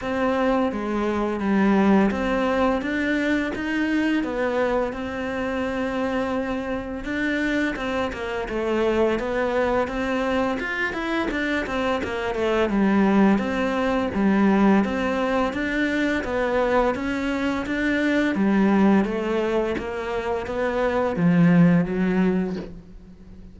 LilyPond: \new Staff \with { instrumentName = "cello" } { \time 4/4 \tempo 4 = 85 c'4 gis4 g4 c'4 | d'4 dis'4 b4 c'4~ | c'2 d'4 c'8 ais8 | a4 b4 c'4 f'8 e'8 |
d'8 c'8 ais8 a8 g4 c'4 | g4 c'4 d'4 b4 | cis'4 d'4 g4 a4 | ais4 b4 f4 fis4 | }